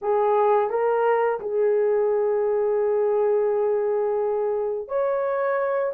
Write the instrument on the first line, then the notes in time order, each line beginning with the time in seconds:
horn
0.01 G#4
0.69 A#4
1.40 G#4
4.88 C#5